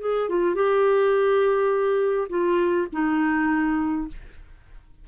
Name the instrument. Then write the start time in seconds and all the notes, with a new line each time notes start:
clarinet
0.00 G#4
0.29 F4
0.55 G4
2.29 F4
2.92 D#4